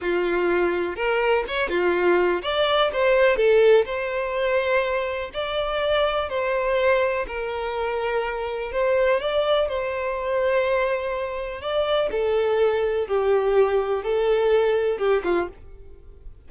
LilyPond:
\new Staff \with { instrumentName = "violin" } { \time 4/4 \tempo 4 = 124 f'2 ais'4 cis''8 f'8~ | f'4 d''4 c''4 a'4 | c''2. d''4~ | d''4 c''2 ais'4~ |
ais'2 c''4 d''4 | c''1 | d''4 a'2 g'4~ | g'4 a'2 g'8 f'8 | }